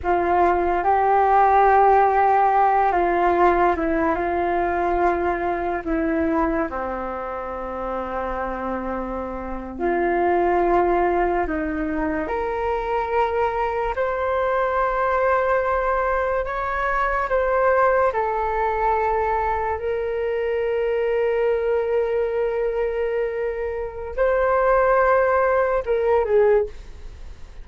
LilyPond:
\new Staff \with { instrumentName = "flute" } { \time 4/4 \tempo 4 = 72 f'4 g'2~ g'8 f'8~ | f'8 e'8 f'2 e'4 | c'2.~ c'8. f'16~ | f'4.~ f'16 dis'4 ais'4~ ais'16~ |
ais'8. c''2. cis''16~ | cis''8. c''4 a'2 ais'16~ | ais'1~ | ais'4 c''2 ais'8 gis'8 | }